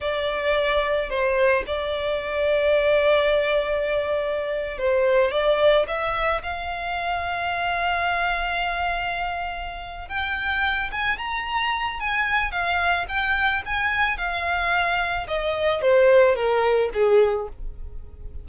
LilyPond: \new Staff \with { instrumentName = "violin" } { \time 4/4 \tempo 4 = 110 d''2 c''4 d''4~ | d''1~ | d''8. c''4 d''4 e''4 f''16~ | f''1~ |
f''2~ f''8 g''4. | gis''8 ais''4. gis''4 f''4 | g''4 gis''4 f''2 | dis''4 c''4 ais'4 gis'4 | }